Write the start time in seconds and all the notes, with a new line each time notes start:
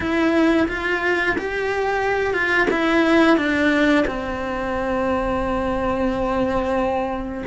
0.00 E4
0.68 F4
1.38 G4
2.33 F4
2.70 E4
3.37 D4
4.07 C4